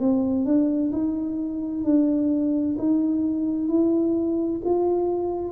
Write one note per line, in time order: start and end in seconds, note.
0.00 0.45 C4
0.45 0.91 D4
0.93 1.85 D#4
1.85 2.77 D4
2.79 3.69 D#4
3.69 4.61 E4
4.65 5.52 F4